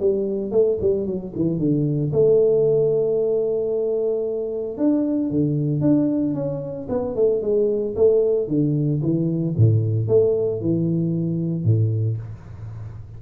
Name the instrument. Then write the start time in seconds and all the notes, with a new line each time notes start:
tuba
0.00 G3
0.52 A3
0.82 G3
1.07 F#3
1.36 E3
1.59 D3
2.13 A3
4.78 D4
5.30 D3
5.82 D4
6.35 C#4
6.90 B3
7.16 A3
7.42 G#3
7.96 A3
8.48 D3
9.02 E3
9.58 A2
10.08 A3
10.61 E3
11.65 A2